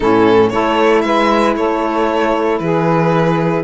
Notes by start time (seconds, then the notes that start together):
0.00 A2 C#4 E4 A4
0.49 A3 E4 A4 C#5
1.01 G#3 B4 E5
1.55 A3 A4 C#5
2.58 E3 G#4 B4